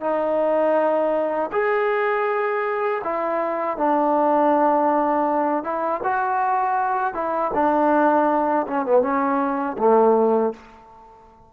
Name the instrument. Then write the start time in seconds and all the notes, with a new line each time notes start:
trombone
0.00 D#4
1.52 G#4
3.04 E4
3.77 D4
5.63 E4
6.03 F#4
7.14 E4
7.53 D4
8.67 C#4
8.85 B3
9.01 C#4
9.78 A3